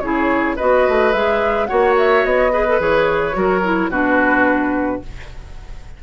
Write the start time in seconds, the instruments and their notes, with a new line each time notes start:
0.00 bassoon C#3, clarinet E4, oboe G#4, flute C#5
0.56 bassoon B3, clarinet F#4, oboe B4, flute D#5
0.88 bassoon A3
1.13 bassoon G#3, clarinet G#4, flute E5
1.66 bassoon A#3, clarinet F#4, oboe C#5, flute F#5
1.98 flute E5
2.24 bassoon B3, flute D#5
2.52 clarinet G#4, oboe B4
2.67 clarinet A4
2.79 bassoon E3, clarinet G#4, flute C#5
3.32 bassoon F#3, clarinet F#4, oboe A#4
3.64 clarinet E4
3.89 bassoon B2, clarinet D4, oboe F#4, flute B4